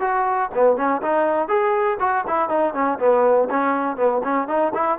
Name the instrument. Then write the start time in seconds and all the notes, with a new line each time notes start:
trombone
0.00 F#4
0.55 B3
0.76 C#4
1.02 D#4
1.48 G#4
1.99 F#4
2.27 E4
2.49 D#4
2.74 C#4
2.99 B3
3.50 C#4
3.96 B3
4.24 C#4
4.48 D#4
4.74 E4